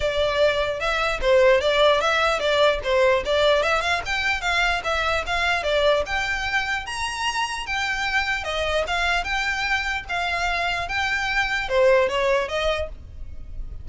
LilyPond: \new Staff \with { instrumentName = "violin" } { \time 4/4 \tempo 4 = 149 d''2 e''4 c''4 | d''4 e''4 d''4 c''4 | d''4 e''8 f''8 g''4 f''4 | e''4 f''4 d''4 g''4~ |
g''4 ais''2 g''4~ | g''4 dis''4 f''4 g''4~ | g''4 f''2 g''4~ | g''4 c''4 cis''4 dis''4 | }